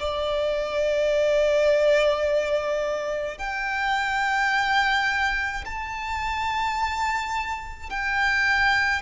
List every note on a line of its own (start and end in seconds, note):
0.00 3.39 D5
3.39 5.65 G5
5.66 7.90 A5
7.90 9.02 G5